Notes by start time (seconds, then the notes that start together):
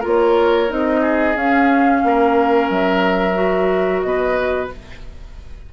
0.00 A#3 F4 A#4
0.06 C#5
0.68 C4 D#4 D#5
1.02 G#4
1.35 C#4 F5
2.04 A#3 A#4
2.70 F#3 E5
3.34 F#4
4.01 B2 B4 D#5